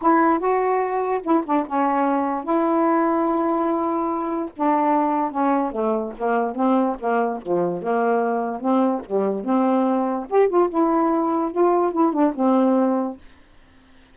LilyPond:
\new Staff \with { instrumentName = "saxophone" } { \time 4/4 \tempo 4 = 146 e'4 fis'2 e'8 d'8 | cis'2 e'2~ | e'2. d'4~ | d'4 cis'4 a4 ais4 |
c'4 ais4 f4 ais4~ | ais4 c'4 g4 c'4~ | c'4 g'8 f'8 e'2 | f'4 e'8 d'8 c'2 | }